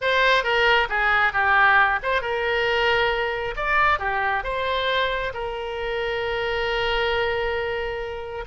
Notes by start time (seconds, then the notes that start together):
0.01 C5
0.43 A#4
0.89 G#4
1.33 G4
2.02 C5
2.21 A#4
3.56 D5
3.99 G4
4.43 C5
5.33 A#4